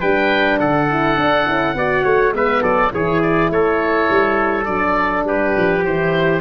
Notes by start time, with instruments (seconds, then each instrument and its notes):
0.00 tuba G3, horn D4, trumpet B4, oboe G5
0.60 tuba D3, trumpet A4, oboe F#5
0.89 horn E4
1.18 tuba D4, horn D4
1.47 tuba C#4, horn E4
1.75 tuba B3, horn F#4, trumpet D5
2.04 tuba A3, trumpet C#5
2.32 tuba G#3, horn B3, trumpet B4, oboe E5
2.62 tuba F#3, trumpet A4, oboe D5
2.91 tuba E3, horn E4, trumpet G#4, oboe C#5
3.22 oboe D5
3.50 tuba A3, trumpet A4, oboe C#5
4.10 tuba G3
4.65 tuba F#3, horn D4, oboe D5
5.25 tuba G3, trumpet G4, oboe B4
5.57 tuba F3
5.85 tuba E3, horn E4, oboe C5